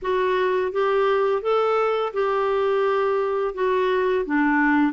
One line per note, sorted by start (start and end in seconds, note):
0.02 0.72 F#4
0.72 1.42 G4
1.42 2.12 A4
2.13 3.54 G4
3.54 4.25 F#4
4.25 4.92 D4